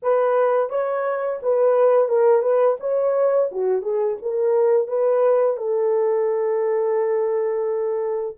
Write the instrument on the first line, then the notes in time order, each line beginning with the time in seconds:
horn
0.02 B4
0.69 C#5
1.42 B4
2.08 A#4
2.41 B4
2.80 C#5
3.51 F#4
3.82 G#4
4.22 A#4
4.87 B4
5.57 A4